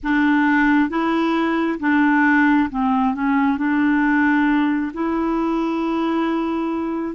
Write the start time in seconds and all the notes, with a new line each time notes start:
0.02 D4
0.90 E4
1.79 D4
2.69 C4
3.14 C#4
3.57 D4
4.93 E4